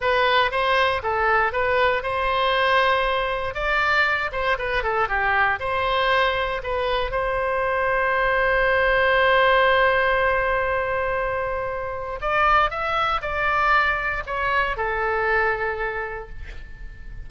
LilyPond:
\new Staff \with { instrumentName = "oboe" } { \time 4/4 \tempo 4 = 118 b'4 c''4 a'4 b'4 | c''2. d''4~ | d''8 c''8 b'8 a'8 g'4 c''4~ | c''4 b'4 c''2~ |
c''1~ | c''1 | d''4 e''4 d''2 | cis''4 a'2. | }